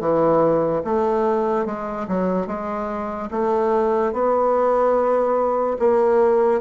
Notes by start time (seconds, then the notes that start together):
0.00 E3
0.84 A3
1.66 G#3
2.08 F#3
2.47 G#3
3.31 A3
4.13 B3
5.79 A#3